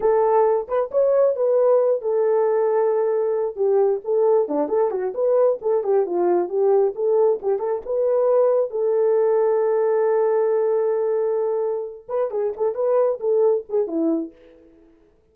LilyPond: \new Staff \with { instrumentName = "horn" } { \time 4/4 \tempo 4 = 134 a'4. b'8 cis''4 b'4~ | b'8 a'2.~ a'8 | g'4 a'4 d'8 a'8 fis'8 b'8~ | b'8 a'8 g'8 f'4 g'4 a'8~ |
a'8 g'8 a'8 b'2 a'8~ | a'1~ | a'2. b'8 gis'8 | a'8 b'4 a'4 gis'8 e'4 | }